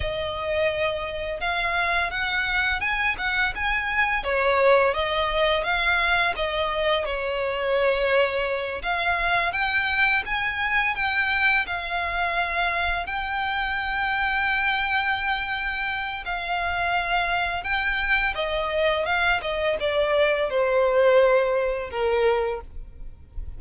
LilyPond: \new Staff \with { instrumentName = "violin" } { \time 4/4 \tempo 4 = 85 dis''2 f''4 fis''4 | gis''8 fis''8 gis''4 cis''4 dis''4 | f''4 dis''4 cis''2~ | cis''8 f''4 g''4 gis''4 g''8~ |
g''8 f''2 g''4.~ | g''2. f''4~ | f''4 g''4 dis''4 f''8 dis''8 | d''4 c''2 ais'4 | }